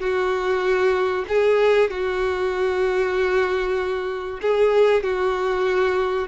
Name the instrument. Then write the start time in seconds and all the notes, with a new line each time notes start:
violin
0.00 F#4
1.29 G#4
1.91 F#4
4.42 G#4
5.03 F#4